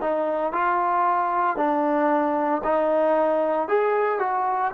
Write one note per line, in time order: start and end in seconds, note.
0.00 0.52 D#4
0.52 1.56 F4
1.56 2.62 D4
2.63 3.68 D#4
3.68 4.19 G#4
4.19 4.71 F#4